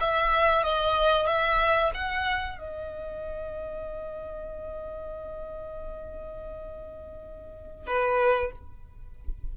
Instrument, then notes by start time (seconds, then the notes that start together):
violin
0.00 E5
0.63 D#5
1.27 E5
1.94 F#5
2.58 D#5
7.87 B4